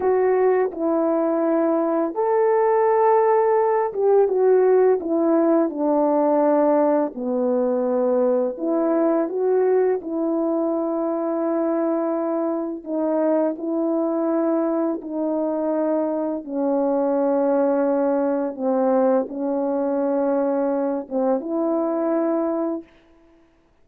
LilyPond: \new Staff \with { instrumentName = "horn" } { \time 4/4 \tempo 4 = 84 fis'4 e'2 a'4~ | a'4. g'8 fis'4 e'4 | d'2 b2 | e'4 fis'4 e'2~ |
e'2 dis'4 e'4~ | e'4 dis'2 cis'4~ | cis'2 c'4 cis'4~ | cis'4. c'8 e'2 | }